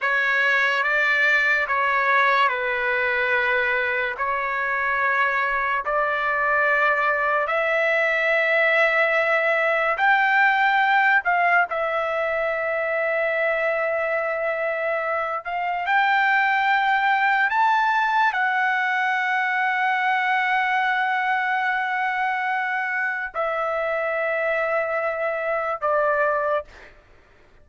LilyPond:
\new Staff \with { instrumentName = "trumpet" } { \time 4/4 \tempo 4 = 72 cis''4 d''4 cis''4 b'4~ | b'4 cis''2 d''4~ | d''4 e''2. | g''4. f''8 e''2~ |
e''2~ e''8 f''8 g''4~ | g''4 a''4 fis''2~ | fis''1 | e''2. d''4 | }